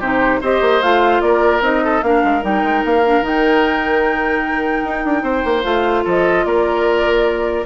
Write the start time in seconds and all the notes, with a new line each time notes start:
0.00 C3 D#4 G4 C5
0.41 C4 G4 C5 D#5
0.61 A#3
0.82 A3 F4 F5
1.21 A#3 A#4 D5
1.61 C4 D#4 D#5
1.84 A4
2.03 A#3 D4 A#4 F5
2.24 G#3
2.42 G3 D#4 G5
2.63 G#3
2.85 A#3 F5
3.06 D4
3.22 D#3 D#4 G5
4.85 D#4
5.05 D4
5.23 C4 C5
5.45 A#3
5.64 A3 F4 F5
6.05 F3 A4 D#5
6.45 A#3 A#4 D5